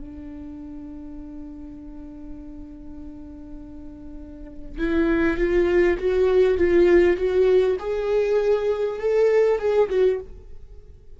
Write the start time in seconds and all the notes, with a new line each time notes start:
0.00 D4
4.78 E4
5.37 F4
5.98 F#4
6.58 F4
7.17 F#4
7.79 G#4
8.99 A4
9.59 G#4
9.90 F#4